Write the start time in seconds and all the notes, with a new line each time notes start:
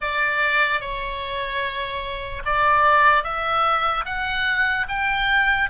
0.01 D5
0.80 C#5
2.45 D5
3.23 E5
4.05 F#5
4.88 G5